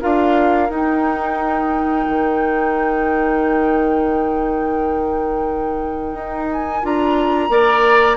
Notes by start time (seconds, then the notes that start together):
0.00 D4 F4 A#4 F5
0.69 D#4 G5
2.07 D#3
6.13 D#4
6.52 G#5
6.82 D4 F4 A#5
7.49 A#3 A#4 D5